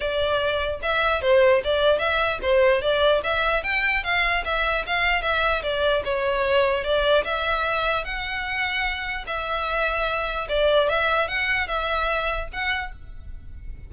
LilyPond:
\new Staff \with { instrumentName = "violin" } { \time 4/4 \tempo 4 = 149 d''2 e''4 c''4 | d''4 e''4 c''4 d''4 | e''4 g''4 f''4 e''4 | f''4 e''4 d''4 cis''4~ |
cis''4 d''4 e''2 | fis''2. e''4~ | e''2 d''4 e''4 | fis''4 e''2 fis''4 | }